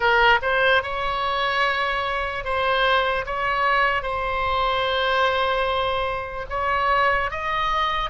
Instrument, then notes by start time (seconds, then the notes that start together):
oboe
0.00 A#4
0.42 C5
0.82 C#5
2.44 C5
3.26 C#5
4.02 C5
6.49 C#5
7.30 D#5